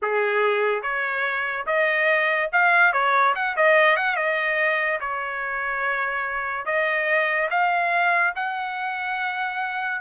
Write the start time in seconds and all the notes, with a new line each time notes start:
0.02 G#4
0.82 C#5
1.66 D#5
2.52 F5
2.92 C#5
3.35 F#5
3.56 D#5
3.96 F#5
4.16 D#5
5.00 C#5
6.65 D#5
7.50 F5
8.35 F#5